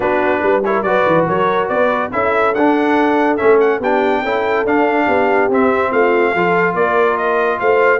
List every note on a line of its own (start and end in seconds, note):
0.00 0.42 B3
0.00 0.62 D4
0.00 0.41 F#4
0.00 0.63 B4
0.41 0.82 G3
0.41 0.62 B4
0.64 0.85 E4
0.64 0.86 A#4
0.64 0.82 C#5
0.82 1.03 F#3
0.82 2.11 F#4
0.82 1.27 B4
0.82 1.24 D5
1.06 1.27 E3
1.27 1.69 F#3
1.27 1.69 A#4
1.27 1.68 C#5
1.68 2.11 B3
1.68 2.11 B4
1.68 2.10 D5
2.11 2.54 C#4
2.11 2.54 E4
2.11 3.79 A4
2.11 2.54 E5
2.54 3.39 D4
2.54 3.38 D4
2.54 3.36 F#5
3.36 3.79 A3
3.36 3.80 C#4
3.36 3.57 E5
3.60 3.81 F#5
3.79 4.21 B3
3.79 4.25 D4
3.79 4.21 G4
3.79 4.66 G5
4.22 4.64 C#4
4.22 4.66 E4
4.22 5.04 A4
4.64 5.06 D4
4.64 5.50 D4
4.64 5.51 F5
5.04 5.49 B3
5.04 5.89 G4
5.49 5.91 C4
5.49 6.35 C4
5.49 5.92 E5
5.90 6.34 A3
5.90 6.33 F4
5.90 6.75 F5
6.33 6.74 F3
6.33 7.99 F4
6.33 6.74 A4
6.74 7.58 A#3
6.74 7.59 A#4
6.74 7.17 D5
7.17 7.59 D#5
7.59 7.99 A3
7.59 7.99 C5
7.59 7.99 F5